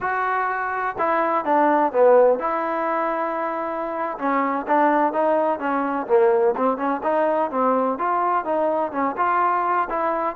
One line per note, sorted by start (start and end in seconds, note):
0.00 0.96 F#4
0.98 1.44 E4
1.44 1.92 D4
1.92 2.39 B3
2.39 4.18 E4
4.18 4.66 C#4
4.67 5.12 D4
5.12 5.59 D#4
5.59 6.06 C#4
6.07 6.54 A#3
6.56 6.77 C4
6.77 7.01 C#4
7.03 7.50 D#4
7.50 7.98 C4
7.98 8.44 F4
8.44 8.92 D#4
8.92 9.15 C#4
9.17 9.88 F4
9.89 10.35 E4